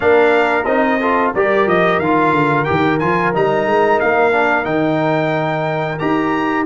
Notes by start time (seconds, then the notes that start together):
0.00 A#3 D4 A#4 F5
0.65 C4 D#4 D#5
1.00 F4 A4
1.34 G3 G4 A#4 D5
1.66 F3 D#5
1.98 D#3 F4 F5
2.32 D3
2.64 D#3 G4 G5
2.99 F3 F4 G#5
3.34 G3 D#4 A#5
3.66 G#3
4.00 A#3 F5
4.32 D4
4.63 D#3 D#4 G5
5.98 D#4 G4 A#5